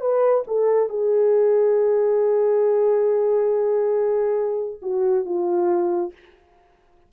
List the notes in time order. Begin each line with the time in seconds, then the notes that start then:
0.00 B4
0.47 A4
0.89 G#4
4.81 F#4
5.25 F4